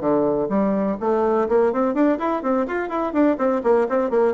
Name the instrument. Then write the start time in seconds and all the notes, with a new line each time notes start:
bassoon
0.00 D3
0.49 G3
1.00 A3
1.48 A#3
1.72 C4
1.94 D4
2.18 E4
2.42 C4
2.67 F4
2.89 E4
3.13 D4
3.38 C4
3.63 A#3
3.89 C4
4.10 A#3